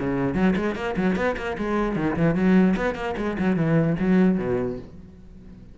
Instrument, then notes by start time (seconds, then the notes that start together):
cello
0.00 C#3
0.35 F#3
0.57 G#3
0.76 A#3
0.97 F#3
1.16 B3
1.37 A#3
1.58 G#3
1.96 D#3
2.17 E3
2.35 F#3
2.77 B3
2.95 A#3
3.17 G#3
3.40 F#3
3.57 E3
4.00 F#3
4.39 B2